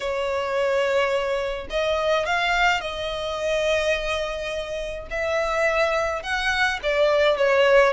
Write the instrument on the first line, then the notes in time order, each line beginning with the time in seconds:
violin
0.00 C#5
1.70 D#5
2.26 F5
2.80 D#5
5.10 E5
6.23 F#5
6.82 D5
7.37 C#5